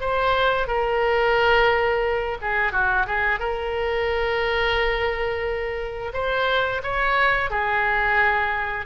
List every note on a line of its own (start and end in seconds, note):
0.00 0.67 C5
0.67 2.37 A#4
2.41 2.72 G#4
2.72 3.06 F#4
3.06 3.39 G#4
3.39 6.12 A#4
6.13 6.81 C5
6.83 7.50 C#5
7.50 8.85 G#4